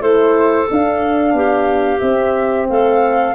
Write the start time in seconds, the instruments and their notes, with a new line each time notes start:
0.00 tuba A3, horn E4, clarinet A4, flute C5
0.70 tuba D4, horn D4, flute F5
1.33 tuba B3, clarinet G4
1.99 tuba C4, horn C4, flute E5
2.69 tuba A3, clarinet A4, flute F5